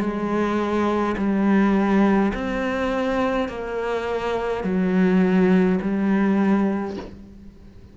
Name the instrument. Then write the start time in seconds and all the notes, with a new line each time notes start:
cello
0.00 G#3
1.17 G3
2.34 C4
3.49 A#3
4.64 F#3
5.82 G3